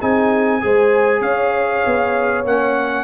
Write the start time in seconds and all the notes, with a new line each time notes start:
0.00 C4 D#4 G#4 G#5
0.61 G#3 G#4 C5
1.21 C#4 C#5 F5
1.86 B3
2.45 A#3 C#4 F#5